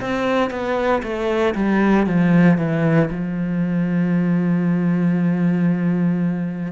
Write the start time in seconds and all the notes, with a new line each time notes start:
0.00 C4
0.50 B3
1.03 A3
1.54 G3
2.06 F3
2.57 E3
3.10 F3